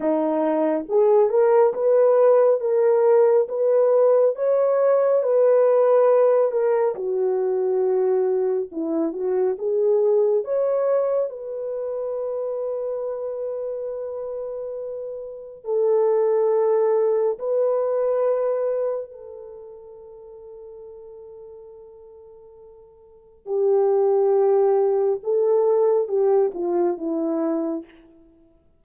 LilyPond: \new Staff \with { instrumentName = "horn" } { \time 4/4 \tempo 4 = 69 dis'4 gis'8 ais'8 b'4 ais'4 | b'4 cis''4 b'4. ais'8 | fis'2 e'8 fis'8 gis'4 | cis''4 b'2.~ |
b'2 a'2 | b'2 a'2~ | a'2. g'4~ | g'4 a'4 g'8 f'8 e'4 | }